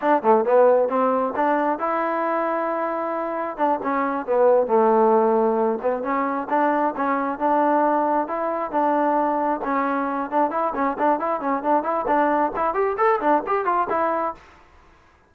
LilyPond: \new Staff \with { instrumentName = "trombone" } { \time 4/4 \tempo 4 = 134 d'8 a8 b4 c'4 d'4 | e'1 | d'8 cis'4 b4 a4.~ | a4 b8 cis'4 d'4 cis'8~ |
cis'8 d'2 e'4 d'8~ | d'4. cis'4. d'8 e'8 | cis'8 d'8 e'8 cis'8 d'8 e'8 d'4 | e'8 g'8 a'8 d'8 g'8 f'8 e'4 | }